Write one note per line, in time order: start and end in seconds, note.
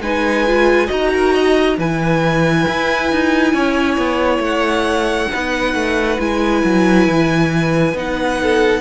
0.00 0.88 G#3
0.00 0.47 D#4
0.00 0.87 B4
0.00 0.90 G#5
0.47 0.87 F4
0.87 1.78 D#4
0.87 1.75 F#4
0.87 1.09 D#5
0.87 1.79 A#5
1.13 1.33 A#4
1.33 1.77 D#5
1.78 2.66 E3
1.78 5.31 E4
1.78 3.53 B4
1.78 4.43 G#5
2.67 3.11 E4
3.11 3.53 D#4
3.53 3.97 C#4
3.53 5.30 C#5
3.97 4.39 B3
4.39 5.27 A3
4.39 6.20 F#5
5.32 5.74 B3
5.32 6.19 D#4
5.32 8.41 B4
5.74 6.18 A3
6.19 6.63 G#3
6.19 7.95 E4
6.19 7.97 G#5
6.64 7.08 F#3
7.08 7.93 E3
7.93 8.81 B3
7.93 8.81 D#4
7.93 8.81 F#5
8.42 8.81 A4